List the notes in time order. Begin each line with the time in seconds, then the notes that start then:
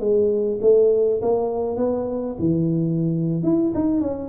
0.00 G#3
0.62 A3
1.22 A#3
1.77 B3
2.39 E3
3.43 E4
3.75 D#4
4.01 C#4